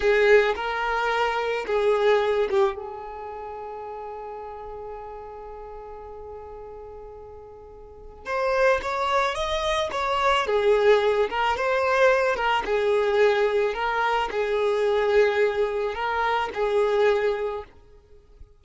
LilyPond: \new Staff \with { instrumentName = "violin" } { \time 4/4 \tempo 4 = 109 gis'4 ais'2 gis'4~ | gis'8 g'8 gis'2.~ | gis'1~ | gis'2. c''4 |
cis''4 dis''4 cis''4 gis'4~ | gis'8 ais'8 c''4. ais'8 gis'4~ | gis'4 ais'4 gis'2~ | gis'4 ais'4 gis'2 | }